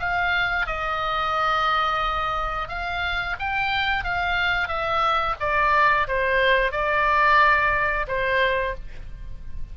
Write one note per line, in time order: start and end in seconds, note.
0.00 0.67 F5
0.67 2.69 D#5
2.69 3.36 F5
3.40 4.04 G5
4.04 4.68 F5
4.68 5.36 E5
5.40 6.08 D5
6.08 6.72 C5
6.72 8.07 D5
8.08 8.75 C5